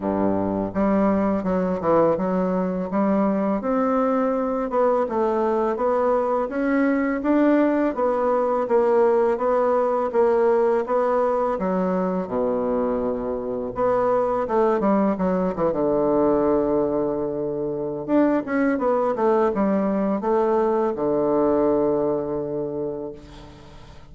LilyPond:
\new Staff \with { instrumentName = "bassoon" } { \time 4/4 \tempo 4 = 83 g,4 g4 fis8 e8 fis4 | g4 c'4. b8 a4 | b4 cis'4 d'4 b4 | ais4 b4 ais4 b4 |
fis4 b,2 b4 | a8 g8 fis8 e16 d2~ d16~ | d4 d'8 cis'8 b8 a8 g4 | a4 d2. | }